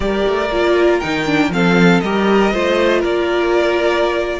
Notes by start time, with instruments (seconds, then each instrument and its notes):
0.00 cello G3, viola G4, violin A#4 D5
0.26 cello A3
0.50 cello A#3, viola F4
1.00 cello D#3, viola D#4, violin G5
1.26 viola D4
1.49 cello F3, viola C4, violin A4 F5
2.00 cello G3, viola G4, violin A#4 D#5
2.53 cello A3, viola F4, violin C5
3.00 cello A#3, violin A#4 D5